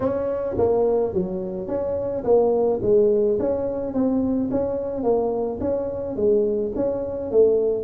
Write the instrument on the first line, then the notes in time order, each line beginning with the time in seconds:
tuba
0.00 C#4
0.57 A#3
1.13 F#3
1.67 C#4
2.24 A#3
2.82 G#3
3.39 C#4
3.93 C4
4.51 C#4
5.03 A#3
5.60 C#4
6.15 G#3
6.75 C#4
7.31 A3